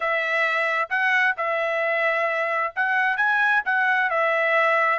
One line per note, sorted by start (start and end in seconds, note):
0.00 0.88 E5
0.89 1.35 F#5
1.37 2.73 E5
2.75 3.17 F#5
3.17 3.62 G#5
3.65 4.10 F#5
4.10 4.99 E5